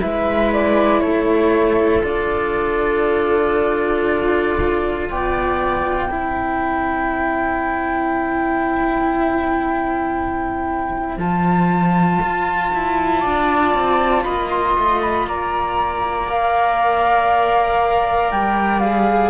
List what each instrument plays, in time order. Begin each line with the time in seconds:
0.00 cello G#3 E4, viola B4, flute E5
0.53 flute D5
1.00 cello A3, viola A4, flute C#5
2.02 cello D4 F4, flute D5
5.10 cello B3, viola D5, flute G5
6.11 cello C4 E4, viola C5
11.18 cello F3 F4, flute A5
12.22 cello F4
12.74 cello E4
13.19 cello D4, viola D5
13.74 cello C4
14.24 cello A#3, viola D#5, flute B5
14.49 flute C6
14.78 cello A3
15.01 flute B5
15.27 cello A#3, viola D5, flute A#5
16.27 cello A#4, flute F5
18.31 cello G3, flute G5
18.80 cello G#4, flute F5